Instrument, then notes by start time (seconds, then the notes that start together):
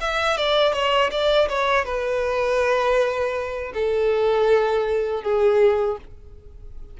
violin
0.00 E5
0.37 D5
0.72 C#5
1.10 D5
1.48 C#5
1.84 B4
3.74 A4
5.22 G#4